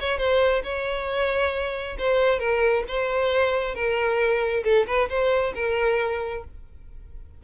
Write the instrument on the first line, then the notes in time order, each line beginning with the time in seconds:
violin
0.00 C#5
0.18 C5
0.63 C#5
1.98 C5
2.39 A#4
2.88 C5
3.75 A#4
4.64 A4
4.86 B4
5.09 C5
5.55 A#4